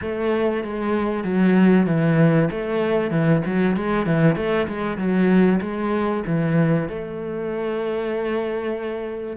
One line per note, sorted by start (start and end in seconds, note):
0.01 0.63 A3
0.63 1.24 G#3
1.24 1.86 F#3
1.86 2.49 E3
2.50 3.11 A3
3.11 3.42 E3
3.45 3.76 F#3
3.76 4.06 G#3
4.06 4.36 E3
4.36 4.67 A3
4.67 4.97 G#3
4.97 5.60 F#3
5.61 6.23 G#3
6.26 6.88 E3
6.88 9.36 A3